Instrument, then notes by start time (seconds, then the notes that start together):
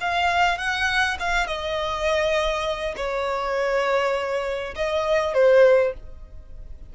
violin
0.00 F5
0.58 F#5
1.19 F5
1.46 D#5
2.96 C#5
4.75 D#5
5.34 C5